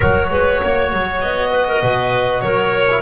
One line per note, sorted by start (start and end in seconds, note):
0.00 0.30 F#3
0.00 2.88 F#4
0.00 0.28 A#4
0.00 1.21 C#5
0.30 0.60 G#3
0.30 0.61 B4
0.61 0.92 A#3
0.61 1.50 C#5
0.92 1.22 F#3
1.21 1.82 B3
1.21 2.40 D#5
1.50 1.66 B4
1.68 1.81 A#4
1.81 2.42 B2
1.81 2.42 B4
2.40 3.01 F#3
2.40 3.01 A#4
2.40 3.01 C#5
2.90 3.01 E4